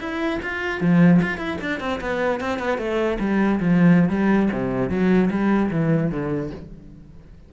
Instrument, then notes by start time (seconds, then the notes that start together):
cello
0.00 E4
0.42 F4
0.81 F3
1.22 F4
1.37 E4
1.61 D4
1.80 C4
2.00 B3
2.40 C4
2.58 B3
2.78 A3
3.19 G3
3.60 F3
4.09 G3
4.52 C3
4.89 F#3
5.30 G3
5.71 E3
6.11 D3